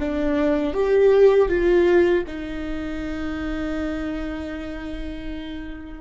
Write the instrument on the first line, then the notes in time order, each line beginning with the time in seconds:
viola
0.00 D4
0.74 G4
1.49 F4
2.27 D#4